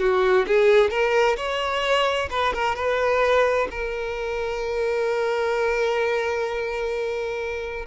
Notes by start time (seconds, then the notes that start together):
0.00 F#4
0.47 G#4
0.91 A#4
1.37 C#5
2.30 B4
2.54 A#4
2.76 B4
3.71 A#4